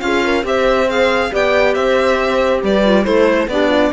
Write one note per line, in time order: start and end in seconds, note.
0.00 0.44 C#4
0.00 0.42 F4
0.00 0.24 G#4
0.00 0.43 F5
0.24 0.46 A#4
0.42 1.31 C4
0.42 0.86 G4
0.42 1.33 C5
0.42 0.90 E5
0.88 1.31 G#4
0.88 1.33 F5
1.31 1.76 B3
1.31 2.83 G4
1.31 1.76 D5
1.31 1.74 G5
1.74 2.63 C4
1.74 2.63 C5
1.74 2.61 E5
2.63 3.06 G3
2.63 3.04 B4
2.63 3.04 D5
2.84 3.03 F4
3.03 3.47 A3
3.03 3.47 E4
3.03 3.47 A4
3.03 3.48 C5
3.47 3.91 B3
3.47 3.93 D4
3.47 3.69 G4
3.47 3.93 D5
3.69 3.90 F4